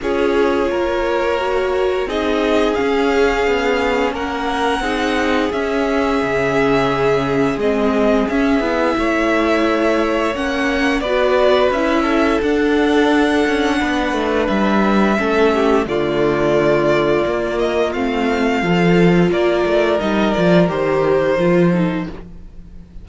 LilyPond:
<<
  \new Staff \with { instrumentName = "violin" } { \time 4/4 \tempo 4 = 87 cis''2. dis''4 | f''2 fis''2 | e''2. dis''4 | e''2. fis''4 |
d''4 e''4 fis''2~ | fis''4 e''2 d''4~ | d''4. dis''8 f''2 | d''4 dis''8 d''8 c''2 | }
  \new Staff \with { instrumentName = "violin" } { \time 4/4 gis'4 ais'2 gis'4~ | gis'2 ais'4 gis'4~ | gis'1~ | gis'4 cis''2. |
b'4. a'2~ a'8 | b'2 a'8 g'8 f'4~ | f'2. a'4 | ais'2.~ ais'8 a'8 | }
  \new Staff \with { instrumentName = "viola" } { \time 4/4 f'2 fis'4 dis'4 | cis'2. dis'4 | cis'2. c'4 | cis'8 e'2~ e'8 cis'4 |
fis'4 e'4 d'2~ | d'2 cis'4 a4~ | a4 ais4 c'4 f'4~ | f'4 dis'8 f'8 g'4 f'8 dis'8 | }
  \new Staff \with { instrumentName = "cello" } { \time 4/4 cis'4 ais2 c'4 | cis'4 b4 ais4 c'4 | cis'4 cis2 gis4 | cis'8 b8 a2 ais4 |
b4 cis'4 d'4. cis'8 | b8 a8 g4 a4 d4~ | d4 ais4 a4 f4 | ais8 a8 g8 f8 dis4 f4 | }
>>